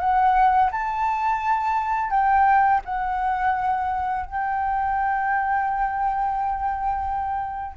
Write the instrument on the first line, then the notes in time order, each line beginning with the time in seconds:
flute
0.00 F#5
0.72 A5
2.11 G5
2.86 F#5
4.26 G5